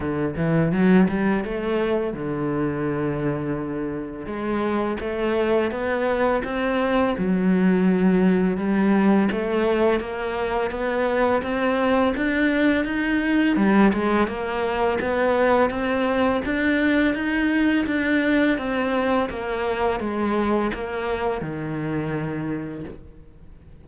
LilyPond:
\new Staff \with { instrumentName = "cello" } { \time 4/4 \tempo 4 = 84 d8 e8 fis8 g8 a4 d4~ | d2 gis4 a4 | b4 c'4 fis2 | g4 a4 ais4 b4 |
c'4 d'4 dis'4 g8 gis8 | ais4 b4 c'4 d'4 | dis'4 d'4 c'4 ais4 | gis4 ais4 dis2 | }